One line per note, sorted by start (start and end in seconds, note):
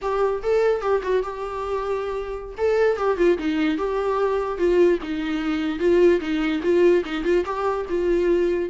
0.01 0.42 G4
0.42 0.81 A4
0.81 1.01 G4
1.02 1.22 F#4
1.22 2.55 G4
2.57 2.97 A4
2.97 3.17 G4
3.17 3.37 F4
3.38 3.77 D#4
3.77 4.58 G4
4.58 4.99 F4
5.02 5.79 D#4
5.79 6.20 F4
6.20 6.61 D#4
6.62 7.03 F4
7.05 7.24 D#4
7.24 7.44 F4
7.45 7.86 G4
7.89 8.69 F4